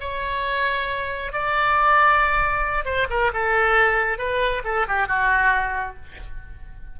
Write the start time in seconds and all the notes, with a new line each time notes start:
0.00 C#5
1.32 D5
2.85 C5
3.09 A#4
3.33 A4
4.18 B4
4.64 A4
4.87 G4
5.07 F#4